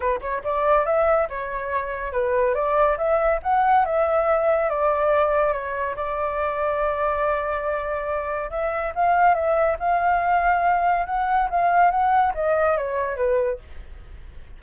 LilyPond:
\new Staff \with { instrumentName = "flute" } { \time 4/4 \tempo 4 = 141 b'8 cis''8 d''4 e''4 cis''4~ | cis''4 b'4 d''4 e''4 | fis''4 e''2 d''4~ | d''4 cis''4 d''2~ |
d''1 | e''4 f''4 e''4 f''4~ | f''2 fis''4 f''4 | fis''4 dis''4 cis''4 b'4 | }